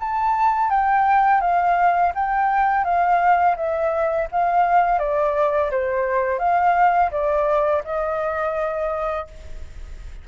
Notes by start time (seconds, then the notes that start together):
0.00 A5
0.70 G5
1.41 F5
2.15 G5
2.84 F5
3.57 E5
4.32 F5
4.99 D5
5.71 C5
6.39 F5
7.11 D5
7.84 D#5